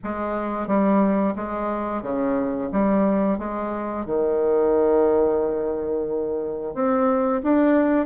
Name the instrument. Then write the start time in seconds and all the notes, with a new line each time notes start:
bassoon
0.03 G#3
0.67 G3
1.35 G#3
2.02 C#3
2.72 G3
3.38 G#3
4.05 D#3
6.74 C4
7.43 D4